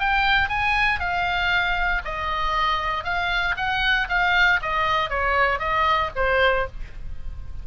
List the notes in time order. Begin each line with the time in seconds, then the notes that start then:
0.00 G5
0.49 G#5
1.00 F5
2.05 D#5
3.04 F5
3.57 F#5
4.09 F5
4.62 D#5
5.10 C#5
5.59 D#5
6.16 C5